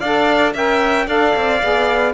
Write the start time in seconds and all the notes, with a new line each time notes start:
0.00 D4 A4 D5 F5
0.53 C#4 A#4 E5 G5
1.07 D4 A4 D5 F5
1.36 C4
1.63 B3 G#4